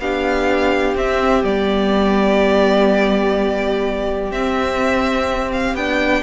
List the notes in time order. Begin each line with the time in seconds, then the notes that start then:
0.00 B3 D4 G4 F5
0.95 C4 E5
1.44 G3 B3 D5
4.32 C4 E5
5.53 F5
5.75 B3 D4 G5